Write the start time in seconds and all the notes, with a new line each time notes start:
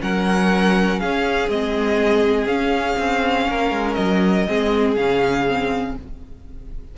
0.00 F#3 C#4 A#4 F#5
1.00 C#4 G#4 F5
1.49 G#3 C4 D#5
2.47 C#4 F5
2.99 C4
3.49 A#3 A#4
3.72 G#3
3.94 F#3 D#5
4.48 G#3 C4 G#4
4.96 C#3 C#4 F5
5.48 C4